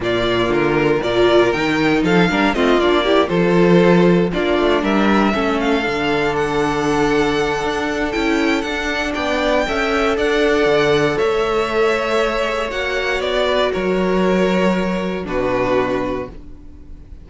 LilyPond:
<<
  \new Staff \with { instrumentName = "violin" } { \time 4/4 \tempo 4 = 118 d''4 ais'4 d''4 g''4 | f''4 dis''8 d''4 c''4.~ | c''8 d''4 e''4. f''4~ | f''8 fis''2.~ fis''8 |
g''4 fis''4 g''2 | fis''2 e''2~ | e''4 fis''4 d''4 cis''4~ | cis''2 b'2 | }
  \new Staff \with { instrumentName = "violin" } { \time 4/4 f'2 ais'2 | a'8 ais'8 f'4 g'8 a'4.~ | a'8 f'4 ais'4 a'4.~ | a'1~ |
a'2 d''4 e''4 | d''2 cis''2~ | cis''2~ cis''8 b'8 ais'4~ | ais'2 fis'2 | }
  \new Staff \with { instrumentName = "viola" } { \time 4/4 ais2 f'4 dis'4~ | dis'8 d'8 c'8 d'8 e'8 f'4.~ | f'8 d'2 cis'4 d'8~ | d'1 |
e'4 d'2 a'4~ | a'1~ | a'8 gis'8 fis'2.~ | fis'2 d'2 | }
  \new Staff \with { instrumentName = "cello" } { \time 4/4 ais,4 d4 ais,4 dis4 | f8 g8 a8 ais4 f4.~ | f8 ais8 a8 g4 a4 d8~ | d2. d'4 |
cis'4 d'4 b4 cis'4 | d'4 d4 a2~ | a4 ais4 b4 fis4~ | fis2 b,2 | }
>>